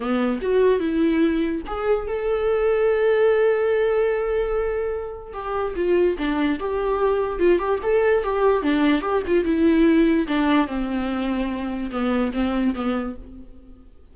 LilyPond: \new Staff \with { instrumentName = "viola" } { \time 4/4 \tempo 4 = 146 b4 fis'4 e'2 | gis'4 a'2.~ | a'1~ | a'4 g'4 f'4 d'4 |
g'2 f'8 g'8 a'4 | g'4 d'4 g'8 f'8 e'4~ | e'4 d'4 c'2~ | c'4 b4 c'4 b4 | }